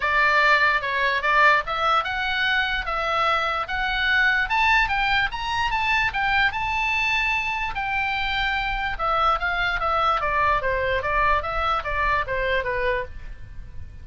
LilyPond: \new Staff \with { instrumentName = "oboe" } { \time 4/4 \tempo 4 = 147 d''2 cis''4 d''4 | e''4 fis''2 e''4~ | e''4 fis''2 a''4 | g''4 ais''4 a''4 g''4 |
a''2. g''4~ | g''2 e''4 f''4 | e''4 d''4 c''4 d''4 | e''4 d''4 c''4 b'4 | }